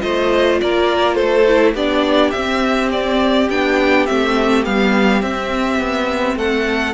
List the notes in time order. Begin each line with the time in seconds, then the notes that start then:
0.00 A3 F4 C5 D#5
0.61 A#3 A#4 D5
1.15 A3 A4 C5
1.48 E4
1.74 B3 D4 G4 D5
2.31 C4 E5
2.92 D5
3.50 B3 D4 G5
4.06 A3 C4 E5
4.65 G3 B3 F5
5.22 C4 E5
5.79 B3
6.36 A3 A4 F#5